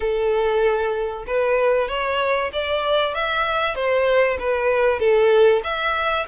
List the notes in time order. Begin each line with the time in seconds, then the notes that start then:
0.00 A4
1.27 B4
1.88 C#5
2.53 D5
3.14 E5
3.75 C5
4.39 B4
4.99 A4
5.63 E5